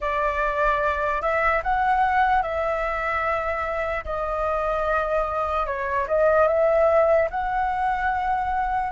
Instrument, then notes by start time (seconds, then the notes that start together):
flute
0.00 D5
1.21 E5
1.63 F#5
2.42 E5
4.04 D#5
5.66 C#5
6.07 D#5
6.47 E5
7.30 F#5